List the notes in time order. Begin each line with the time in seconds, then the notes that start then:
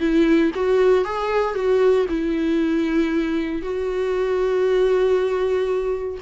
0.00 E4
0.55 F#4
1.04 G#4
1.55 F#4
2.09 E4
3.62 F#4